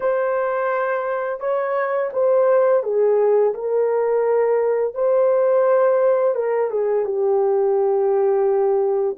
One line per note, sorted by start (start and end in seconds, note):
0.00 1.39 C5
1.39 2.10 C#5
2.12 2.83 C5
2.83 3.53 G#4
3.54 4.94 A#4
4.94 6.35 C5
6.35 6.70 A#4
6.70 7.05 G#4
7.05 9.16 G4